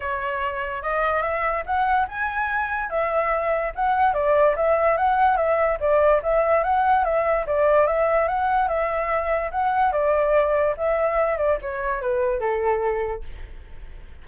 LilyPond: \new Staff \with { instrumentName = "flute" } { \time 4/4 \tempo 4 = 145 cis''2 dis''4 e''4 | fis''4 gis''2 e''4~ | e''4 fis''4 d''4 e''4 | fis''4 e''4 d''4 e''4 |
fis''4 e''4 d''4 e''4 | fis''4 e''2 fis''4 | d''2 e''4. d''8 | cis''4 b'4 a'2 | }